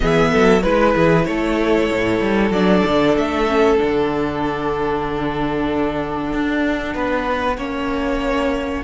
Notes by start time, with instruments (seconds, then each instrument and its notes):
0.00 cello E3, viola B3, violin G#4 E5
0.31 cello F#3, violin A4
0.62 cello G#3, viola E4, violin B4
0.94 cello E3, violin G#4
1.25 cello A3, violin A4 C#5
1.91 cello A2
2.20 cello G3
2.50 cello F#3, viola D4, violin D5
2.85 cello D3
3.16 cello A3, violin E5
3.47 viola C#4
3.77 cello D3, viola D4, violin F#5
6.32 cello D4
6.93 cello B3, violin B4
7.57 cello A#3, viola C#4, violin C#5